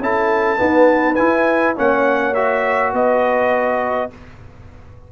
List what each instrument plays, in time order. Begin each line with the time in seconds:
0.00 tuba C#4, trombone E4, horn A4, trumpet A5
0.57 trombone B3, tuba D#4, horn B4
1.15 tuba E4, trombone E4, trumpet G#5
1.76 tuba A#3, trombone C#4, horn C#5, trumpet F#5
2.34 trombone F#4, trumpet E5
2.93 tuba B3, horn B4, trumpet D#5